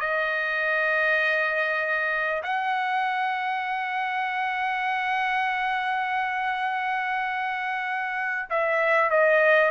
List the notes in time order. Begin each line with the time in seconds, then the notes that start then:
0.00 D#5
2.43 F#5
8.50 E5
9.10 D#5